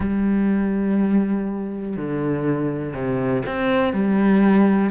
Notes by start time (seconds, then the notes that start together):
0.00 G3
1.96 D3
2.93 C3
3.46 C4
3.93 G3